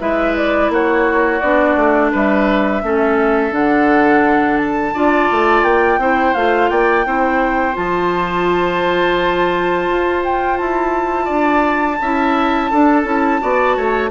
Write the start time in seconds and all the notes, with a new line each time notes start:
0.00 G#3 E4 B4 E5
0.37 D5
0.70 A#3 F#4 C#5
1.40 B3 D4 D5
1.76 A3
2.12 G3 B4 E5
2.83 A3 C#4 A4
3.52 D3 D4 F#5
4.58 A5
4.94 D4 F4 D5
5.32 A3
5.63 A#3 G5
5.99 C4 E4 C5
6.35 A3 F4 F5
6.70 A#3 D5 G5
7.06 C4 E4 C5
7.74 F3 F4 A5
9.89 F4
10.24 G5
10.58 E4 A5
11.25 D4 D5
12.01 C#4 E4 E5
12.71 D4 A4
13.04 C#4 E4
13.41 B3 F#4 D5
13.77 A3 C#5